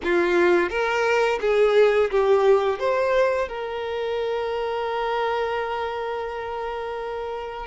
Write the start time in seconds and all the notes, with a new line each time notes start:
0.03 F4
0.69 A#4
1.40 G#4
2.11 G4
2.79 C5
3.48 A#4